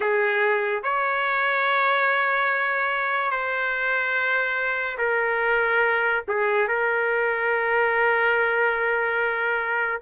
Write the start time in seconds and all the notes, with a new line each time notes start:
0.00 G#4
0.83 C#5
3.31 C5
4.98 A#4
6.28 G#4
6.67 A#4